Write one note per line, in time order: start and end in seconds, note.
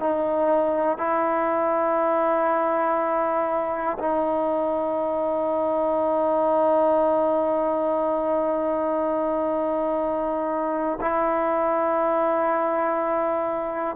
0.00 0.98 D#4
0.98 3.98 E4
3.99 10.99 D#4
11.01 13.96 E4